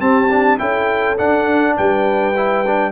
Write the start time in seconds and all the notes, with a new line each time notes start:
0.00 C4 G4 A5
0.31 D4
0.59 C#4 E4 A4 G5
1.18 D4 F#5
1.77 G3 B4 G5
2.37 E4
2.67 D4